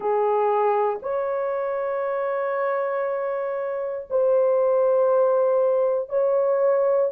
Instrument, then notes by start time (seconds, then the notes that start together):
horn
0.00 G#4
1.02 C#5
4.10 C5
6.09 C#5